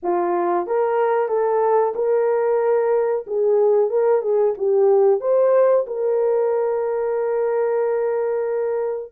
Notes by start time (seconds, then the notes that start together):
0.02 F4
0.66 A#4
1.28 A4
1.95 A#4
3.26 G#4
3.90 A#4
4.21 G#4
4.57 G4
5.20 C5
5.86 A#4